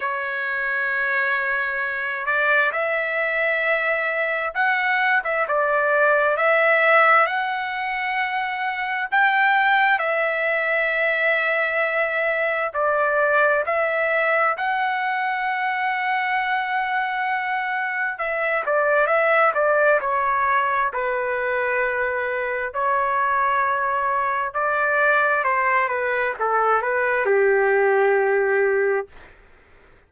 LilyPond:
\new Staff \with { instrumentName = "trumpet" } { \time 4/4 \tempo 4 = 66 cis''2~ cis''8 d''8 e''4~ | e''4 fis''8. e''16 d''4 e''4 | fis''2 g''4 e''4~ | e''2 d''4 e''4 |
fis''1 | e''8 d''8 e''8 d''8 cis''4 b'4~ | b'4 cis''2 d''4 | c''8 b'8 a'8 b'8 g'2 | }